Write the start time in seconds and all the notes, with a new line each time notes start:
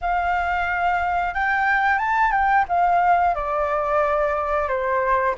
0.01 F5
1.34 G5
1.98 A5
2.31 G5
2.68 F5
3.35 D5
4.68 C5